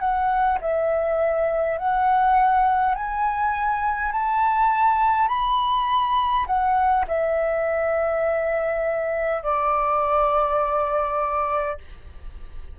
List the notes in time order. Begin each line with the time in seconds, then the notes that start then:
0.00 F#5
0.61 E5
1.78 F#5
2.95 G#5
4.13 A5
5.28 B5
6.47 F#5
7.08 E5
9.43 D5